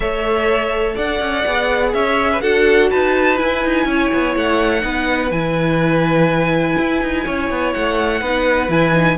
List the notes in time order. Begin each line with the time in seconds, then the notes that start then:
0.00 A3 A4 C#5 E5
0.95 D4 D5 F#5
1.20 C#4
1.46 B3 G#4
1.93 C#4 C#5 E5
2.31 B4
2.41 D4 F#4 A4 F#5
2.89 D#4 B4 A5
3.37 E4 G#5
3.64 D#4
3.85 C#4 C#5
4.14 B3
4.35 A3 F#5
4.81 B3 D#4 B4
5.31 E3 E4 G#5
6.78 E4
7.01 D#4
7.25 C#4 C#5
7.49 B3
7.73 A3 F#5
8.20 B3 D#4 B4
8.68 E3 E4 G#5
8.92 D#4